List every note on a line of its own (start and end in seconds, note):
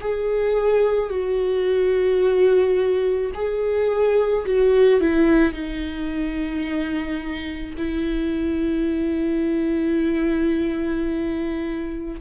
0.00 1.09 G#4
1.09 3.31 F#4
3.34 4.45 G#4
4.45 5.00 F#4
5.00 5.53 E4
5.53 7.75 D#4
7.77 12.20 E4